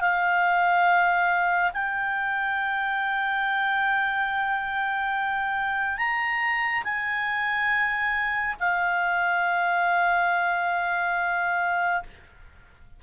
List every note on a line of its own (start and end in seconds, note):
0.00 1.71 F5
1.73 5.97 G5
5.97 6.83 A#5
6.83 8.55 G#5
8.59 12.02 F5